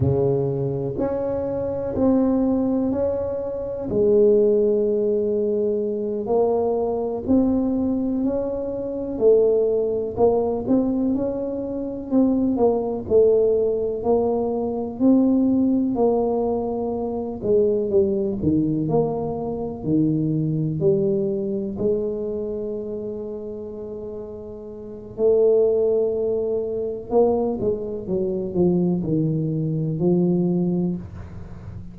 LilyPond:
\new Staff \with { instrumentName = "tuba" } { \time 4/4 \tempo 4 = 62 cis4 cis'4 c'4 cis'4 | gis2~ gis8 ais4 c'8~ | c'8 cis'4 a4 ais8 c'8 cis'8~ | cis'8 c'8 ais8 a4 ais4 c'8~ |
c'8 ais4. gis8 g8 dis8 ais8~ | ais8 dis4 g4 gis4.~ | gis2 a2 | ais8 gis8 fis8 f8 dis4 f4 | }